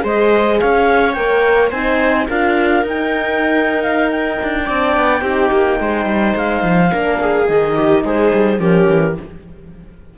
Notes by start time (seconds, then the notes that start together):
0.00 G#3 G#4 C5 D#5
0.60 C#4 C#5 F5
1.12 A#3 A#4 G5
1.70 C4 D#4 C5 G#5
2.28 D4 F4 A#4 F5
2.83 D#4 G5
3.82 F5
4.10 G5
4.42 D4
4.65 C4 D4 D5
4.96 B3
5.20 C4 D#4 G4
5.51 A#3
5.80 G#3 C5
6.05 G3
6.35 G#3 F5
6.63 F3
6.90 A#3 D4 A#4
7.20 G#4
7.47 D#3 D#4 D#5
7.75 G4
8.03 G#3 G#4 C5
8.33 G3
8.57 F3 C#4 G4 A#4
8.89 E3